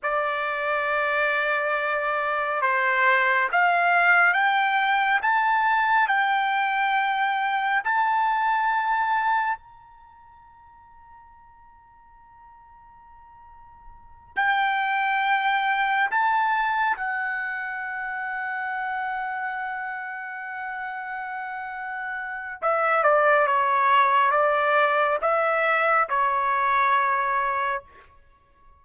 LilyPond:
\new Staff \with { instrumentName = "trumpet" } { \time 4/4 \tempo 4 = 69 d''2. c''4 | f''4 g''4 a''4 g''4~ | g''4 a''2 ais''4~ | ais''1~ |
ais''8 g''2 a''4 fis''8~ | fis''1~ | fis''2 e''8 d''8 cis''4 | d''4 e''4 cis''2 | }